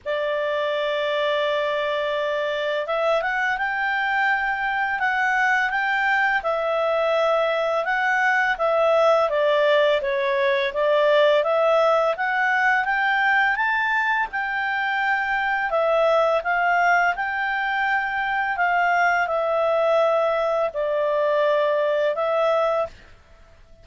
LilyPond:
\new Staff \with { instrumentName = "clarinet" } { \time 4/4 \tempo 4 = 84 d''1 | e''8 fis''8 g''2 fis''4 | g''4 e''2 fis''4 | e''4 d''4 cis''4 d''4 |
e''4 fis''4 g''4 a''4 | g''2 e''4 f''4 | g''2 f''4 e''4~ | e''4 d''2 e''4 | }